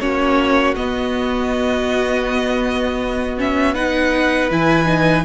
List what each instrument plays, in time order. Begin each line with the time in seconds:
0.00 cello A#3, viola C#4, violin F#4 C#5
0.76 viola B3, cello B3, violin D#5
3.38 viola C#4, violin E5
3.75 viola D#4, violin B4 F#5
4.50 cello E3, viola E4, violin G#5
4.85 viola D#4